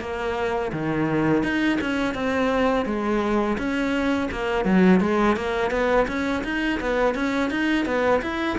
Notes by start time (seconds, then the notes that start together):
0.00 A#3
0.72 D#3
1.43 D#4
1.81 C#4
2.14 C4
2.85 G#3
3.57 C#4
4.31 A#3
4.65 F#3
5.00 G#3
5.36 A#3
5.70 B3
6.07 C#4
6.44 D#4
6.80 B3
7.15 C#4
7.50 D#4
7.85 B3
8.21 E4